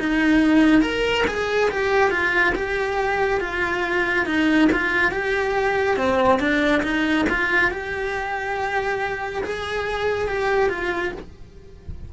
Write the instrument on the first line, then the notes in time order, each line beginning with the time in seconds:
cello
0.00 D#4
0.82 A#4
1.28 G#4
1.71 G4
2.11 F4
2.56 G4
3.41 F4
4.26 D#4
4.73 F4
5.12 G4
5.97 C4
6.40 D4
6.83 D#4
7.30 F4
7.71 G4
9.44 G#4
10.28 G4
10.70 F4